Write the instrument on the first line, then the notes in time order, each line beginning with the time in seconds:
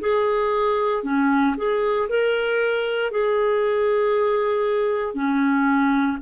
clarinet
0.00 G#4
1.03 C#4
1.57 G#4
2.09 A#4
3.11 G#4
5.14 C#4